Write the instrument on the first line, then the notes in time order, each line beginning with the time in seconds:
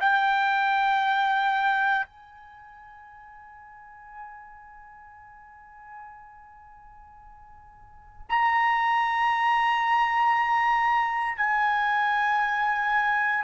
trumpet
0.00 G5
2.05 G#5
8.29 A#5
11.37 G#5